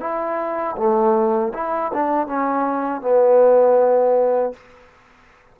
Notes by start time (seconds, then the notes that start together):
0.00 E4
0.77 A3
1.54 E4
1.94 D4
2.27 C#4
3.01 B3